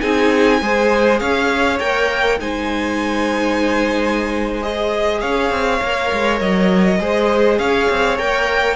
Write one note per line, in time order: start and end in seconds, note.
0.00 0.61 C4
0.00 0.60 D#4
0.00 0.61 G#4
0.00 1.19 G#5
0.61 1.20 G#3
0.61 1.80 G#4
0.61 1.20 C5
1.19 1.79 C#4
1.19 2.39 C#5
1.19 1.78 F5
1.79 2.39 A#3
1.79 2.39 A#4
1.79 2.39 G5
2.39 5.22 G#3
2.39 4.62 D#4
2.39 5.20 C5
2.39 4.62 G#5
4.62 5.81 G#4
4.62 5.20 D#5
5.20 5.50 C#4
5.20 6.99 C#5
5.20 6.39 F5
5.50 5.80 C4
5.82 6.11 A#3
5.82 7.00 A#4
6.12 6.40 G#3
6.40 6.99 F#3
6.40 7.58 D#5
6.99 7.58 G#3
6.99 8.18 G#4
6.99 7.59 C5
7.58 7.88 C#4
7.58 8.76 C#5
7.58 8.17 F5
7.89 8.19 C4
8.18 8.76 A#3
8.18 8.76 A#4
8.18 8.76 G5